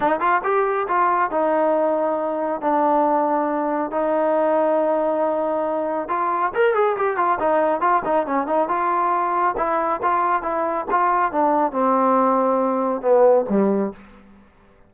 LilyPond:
\new Staff \with { instrumentName = "trombone" } { \time 4/4 \tempo 4 = 138 dis'8 f'8 g'4 f'4 dis'4~ | dis'2 d'2~ | d'4 dis'2.~ | dis'2 f'4 ais'8 gis'8 |
g'8 f'8 dis'4 f'8 dis'8 cis'8 dis'8 | f'2 e'4 f'4 | e'4 f'4 d'4 c'4~ | c'2 b4 g4 | }